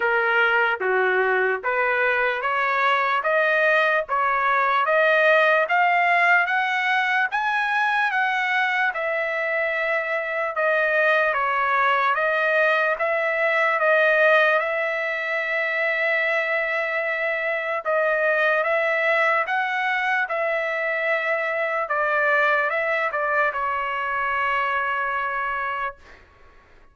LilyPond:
\new Staff \with { instrumentName = "trumpet" } { \time 4/4 \tempo 4 = 74 ais'4 fis'4 b'4 cis''4 | dis''4 cis''4 dis''4 f''4 | fis''4 gis''4 fis''4 e''4~ | e''4 dis''4 cis''4 dis''4 |
e''4 dis''4 e''2~ | e''2 dis''4 e''4 | fis''4 e''2 d''4 | e''8 d''8 cis''2. | }